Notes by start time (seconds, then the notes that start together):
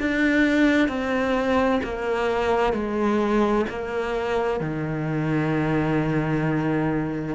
0.00 D4
0.89 C4
1.84 A#3
2.73 G#3
3.70 A#3
4.60 D#3